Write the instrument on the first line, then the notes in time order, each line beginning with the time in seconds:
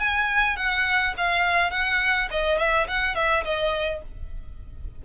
violin
0.00 G#5
0.57 F#5
1.18 F5
1.71 F#5
2.32 D#5
2.59 E5
2.88 F#5
3.16 E5
3.45 D#5